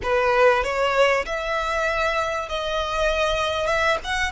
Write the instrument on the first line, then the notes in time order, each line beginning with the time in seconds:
violin
0.02 B4
0.63 C#5
1.25 E5
2.49 D#5
3.66 E5
4.04 F#5